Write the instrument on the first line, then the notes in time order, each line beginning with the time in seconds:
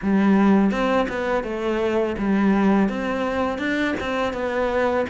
cello
0.02 G3
0.71 C4
1.08 B3
1.43 A3
2.18 G3
2.88 C4
3.58 D4
4.00 C4
4.33 B3